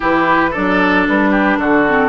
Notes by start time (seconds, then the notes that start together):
0.00 E3 E4 G4 B4
0.50 D4 A4 D5
0.56 F#3
1.07 G3 B4
1.30 G4
1.58 D3 F#4 A4
1.88 C4